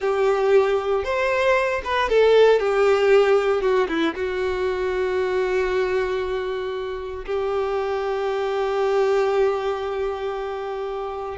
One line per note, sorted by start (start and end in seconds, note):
0.00 1.03 G4
1.03 1.81 C5
1.84 2.09 B4
2.09 2.59 A4
2.59 3.61 G4
3.61 3.87 F#4
3.88 4.14 E4
4.14 7.25 F#4
7.25 11.37 G4